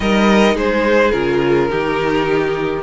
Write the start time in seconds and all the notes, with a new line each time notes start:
0.00 G3 D#4 A#4 D#5
0.55 G#3 G#4 C5
1.11 C#3 F4 A#4
1.69 D#3 D#4 G4